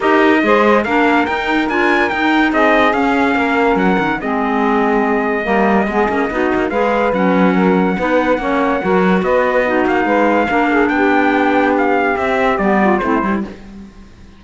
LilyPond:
<<
  \new Staff \with { instrumentName = "trumpet" } { \time 4/4 \tempo 4 = 143 dis''2 f''4 g''4 | gis''4 g''4 dis''4 f''4~ | f''4 fis''4 dis''2~ | dis''1 |
f''4 fis''2.~ | fis''2 dis''4. f''8~ | f''2 g''2 | f''4 e''4 d''4 c''4 | }
  \new Staff \with { instrumentName = "saxophone" } { \time 4/4 ais'4 c''4 ais'2~ | ais'2 gis'2 | ais'2 gis'2~ | gis'4 ais'4 gis'4 fis'4 |
b'2 ais'4 b'4 | cis''4 ais'4 b'4 fis'4 | b'4 ais'8 gis'8 g'2~ | g'2~ g'8 f'8 e'4 | }
  \new Staff \with { instrumentName = "clarinet" } { \time 4/4 g'4 gis'4 d'4 dis'4 | f'4 dis'2 cis'4~ | cis'2 c'2~ | c'4 ais4 b8 cis'8 dis'4 |
gis'4 cis'2 dis'4 | cis'4 fis'2 dis'4~ | dis'4 d'2.~ | d'4 c'4 b4 c'8 e'8 | }
  \new Staff \with { instrumentName = "cello" } { \time 4/4 dis'4 gis4 ais4 dis'4 | d'4 dis'4 c'4 cis'4 | ais4 fis8 dis8 gis2~ | gis4 g4 gis8 ais8 b8 ais8 |
gis4 fis2 b4 | ais4 fis4 b4. ais8 | gis4 ais4 b2~ | b4 c'4 g4 a8 g8 | }
>>